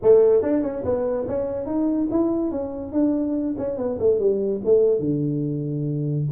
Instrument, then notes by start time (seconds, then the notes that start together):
tuba
0.02 A3
0.42 D4
0.62 C#4
0.84 B3
1.27 C#4
1.66 D#4
2.11 E4
2.51 C#4
2.92 D4
3.58 C#4
3.77 B3
3.99 A3
4.19 G3
4.65 A3
4.99 D3